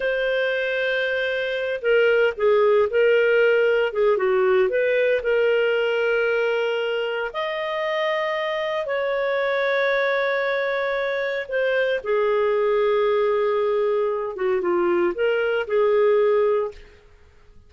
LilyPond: \new Staff \with { instrumentName = "clarinet" } { \time 4/4 \tempo 4 = 115 c''2.~ c''8 ais'8~ | ais'8 gis'4 ais'2 gis'8 | fis'4 b'4 ais'2~ | ais'2 dis''2~ |
dis''4 cis''2.~ | cis''2 c''4 gis'4~ | gis'2.~ gis'8 fis'8 | f'4 ais'4 gis'2 | }